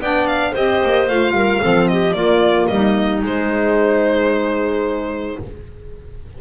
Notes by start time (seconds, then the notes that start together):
0.00 B3 D4 D5 G5
0.27 F5
0.51 C4 G4 C5 D#5
0.83 A#3
1.07 A3 F4 F5
1.31 G3 A#4
1.60 F3 C4 A4
1.87 G4 D#5
2.13 A#3 F4 D5
2.68 G3 D#4 D#5
3.20 G#3 C5